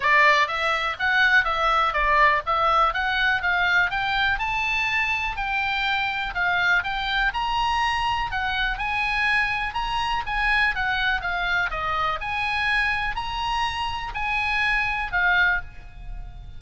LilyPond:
\new Staff \with { instrumentName = "oboe" } { \time 4/4 \tempo 4 = 123 d''4 e''4 fis''4 e''4 | d''4 e''4 fis''4 f''4 | g''4 a''2 g''4~ | g''4 f''4 g''4 ais''4~ |
ais''4 fis''4 gis''2 | ais''4 gis''4 fis''4 f''4 | dis''4 gis''2 ais''4~ | ais''4 gis''2 f''4 | }